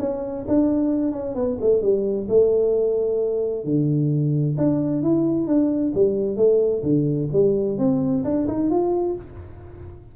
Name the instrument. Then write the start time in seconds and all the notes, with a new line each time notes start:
tuba
0.00 C#4
0.48 D4
1.12 C#4
1.36 B3
1.62 A3
1.82 G3
2.29 A3
3.65 D3
4.58 D4
5.03 E4
5.47 D4
5.95 G3
6.37 A3
6.83 D3
7.33 G3
7.78 C4
8.24 D4
8.48 D#4
8.70 F4